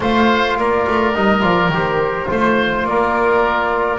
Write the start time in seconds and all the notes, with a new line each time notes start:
0.00 A3 F4 C5 F5
0.57 A#3 A#4 D5
0.87 A3
1.14 G3 D#4 D#5
1.41 F3 F4 D5
1.68 D#3 G4
1.75 C5
2.27 A3 F4 C5
2.83 A#3 A#4 D5